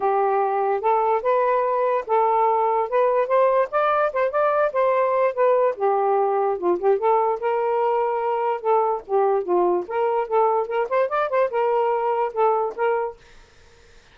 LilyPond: \new Staff \with { instrumentName = "saxophone" } { \time 4/4 \tempo 4 = 146 g'2 a'4 b'4~ | b'4 a'2 b'4 | c''4 d''4 c''8 d''4 c''8~ | c''4 b'4 g'2 |
f'8 g'8 a'4 ais'2~ | ais'4 a'4 g'4 f'4 | ais'4 a'4 ais'8 c''8 d''8 c''8 | ais'2 a'4 ais'4 | }